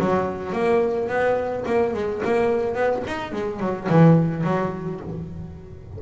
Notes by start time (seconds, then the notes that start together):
0.00 F#3
0.53 A#3
1.09 B3
1.66 A#3
1.94 G#3
2.25 A#3
2.75 B3
3.07 D#4
3.32 G#3
3.60 F#3
3.89 E3
4.44 F#3